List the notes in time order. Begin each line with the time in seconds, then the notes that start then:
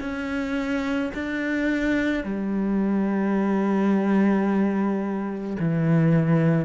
0.00 C#4
1.14 D4
2.23 G3
5.59 E3